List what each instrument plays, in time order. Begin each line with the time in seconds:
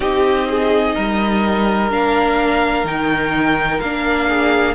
0.00 cello C4, viola D#4, violin G4 D#5
0.48 violin G#4
0.94 cello G3, violin A#4
1.90 cello A#3, viola D4, violin F5
2.84 cello D#3, viola D#4, violin G5
3.80 cello A#3, viola D4, violin F5
4.27 violin G#4